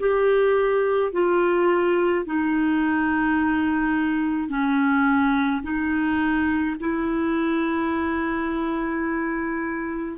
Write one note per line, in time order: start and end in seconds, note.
0.00 1.13 G4
1.13 2.26 F4
2.26 4.49 D#4
4.49 5.62 C#4
5.63 6.76 D#4
6.80 10.18 E4